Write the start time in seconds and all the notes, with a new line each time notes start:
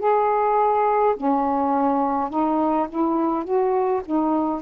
0.00 G#4
1.16 C#4
2.30 D#4
2.90 E4
3.45 F#4
4.06 D#4